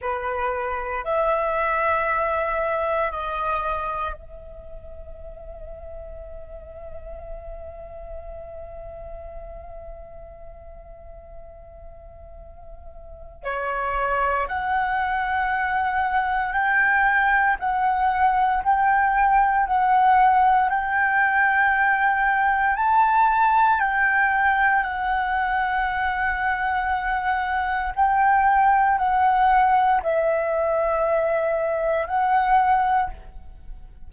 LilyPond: \new Staff \with { instrumentName = "flute" } { \time 4/4 \tempo 4 = 58 b'4 e''2 dis''4 | e''1~ | e''1~ | e''4 cis''4 fis''2 |
g''4 fis''4 g''4 fis''4 | g''2 a''4 g''4 | fis''2. g''4 | fis''4 e''2 fis''4 | }